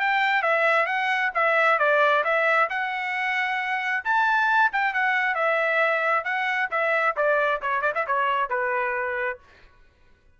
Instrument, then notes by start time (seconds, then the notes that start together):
trumpet
0.00 G5
0.42 E5
0.86 F#5
1.34 E5
1.78 D5
2.24 E5
2.69 F#5
4.04 A5
4.72 G5
4.93 F#5
5.35 E5
6.24 F#5
6.71 E5
7.16 D5
7.62 C#5
7.81 D5
7.95 E5
8.07 C#5
8.49 B4